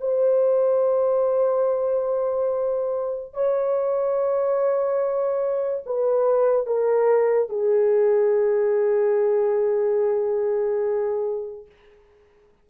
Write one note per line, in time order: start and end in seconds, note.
0.00 3.33 C5
3.33 5.83 C#5
5.86 6.66 B4
6.66 7.49 A#4
7.49 11.66 G#4